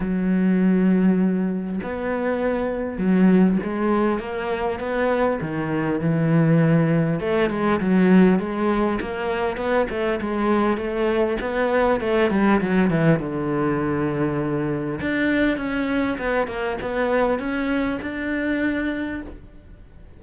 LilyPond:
\new Staff \with { instrumentName = "cello" } { \time 4/4 \tempo 4 = 100 fis2. b4~ | b4 fis4 gis4 ais4 | b4 dis4 e2 | a8 gis8 fis4 gis4 ais4 |
b8 a8 gis4 a4 b4 | a8 g8 fis8 e8 d2~ | d4 d'4 cis'4 b8 ais8 | b4 cis'4 d'2 | }